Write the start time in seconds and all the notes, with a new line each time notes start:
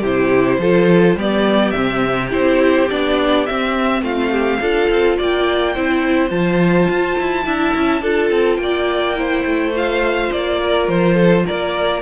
0.00 C3 E4 G4 C5
0.58 F3 F4 A4
1.15 G3 B3 G4 D5
1.71 C3 C4 E5
2.30 C4 E4 C5
2.90 B3 D4 D5
3.46 C4 E5
4.02 A3 F4 F5
4.31 G4
4.60 D4 F4 A4
4.90 C4
5.18 A#3 D5 G5
5.74 C4 E4 C5
6.29 F3 F4 A5
6.89 F4
7.18 E4
7.45 D4 E4 E5
7.74 C#4
8.02 D4 F4 A4
8.31 C4
8.57 A#3 G5
8.63 D5
9.15 E4 C5
9.44 A3
9.75 F4 F5
10.32 A#3 D5
10.63 A#4
10.88 F3 C5
11.15 A4
11.46 A#3 A#4 D5